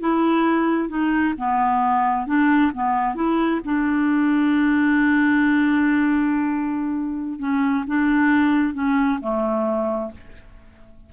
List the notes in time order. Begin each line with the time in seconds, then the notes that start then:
0.00 E4
0.89 D#4
1.38 B3
2.26 D4
2.74 B3
3.15 E4
3.64 D4
7.39 C#4
7.87 D4
8.74 C#4
9.20 A3